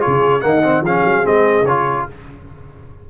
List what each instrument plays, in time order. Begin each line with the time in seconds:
0.00 trombone F4, horn G#4, trumpet C#5
0.07 tuba C#3
0.41 tuba D#3, trombone A#3, horn D#5, trumpet F#5
0.63 trombone C4
0.81 tuba F3, trombone C#4, horn G#4, trumpet F5
1.04 tuba F#3
1.24 tuba G#3, trombone C4, trumpet D#5
1.62 tuba C#3, trumpet C#5
1.69 trombone F4